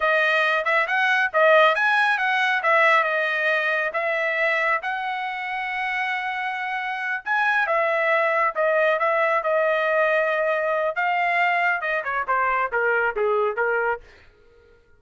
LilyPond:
\new Staff \with { instrumentName = "trumpet" } { \time 4/4 \tempo 4 = 137 dis''4. e''8 fis''4 dis''4 | gis''4 fis''4 e''4 dis''4~ | dis''4 e''2 fis''4~ | fis''1~ |
fis''8 gis''4 e''2 dis''8~ | dis''8 e''4 dis''2~ dis''8~ | dis''4 f''2 dis''8 cis''8 | c''4 ais'4 gis'4 ais'4 | }